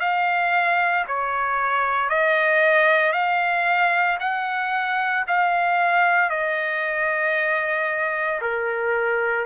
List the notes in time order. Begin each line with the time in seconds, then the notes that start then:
0.00 F5
1.08 C#5
2.10 D#5
3.13 F5
4.20 F#5
5.28 F5
6.30 D#5
8.42 A#4